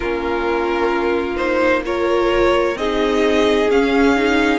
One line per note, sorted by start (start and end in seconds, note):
0.00 2.75 A#3
0.00 1.36 C#4
0.00 1.83 F4
0.00 1.36 A#4
1.36 1.82 D#4
1.36 1.82 C5
1.84 2.77 F4
1.84 2.77 A#4
1.84 2.77 C#5
2.75 3.67 C4
2.75 3.70 D#4
2.75 4.59 G#4
2.75 3.70 D#5
3.70 4.59 C#4
3.70 4.16 C#4
3.70 4.59 F5
4.16 4.59 D#4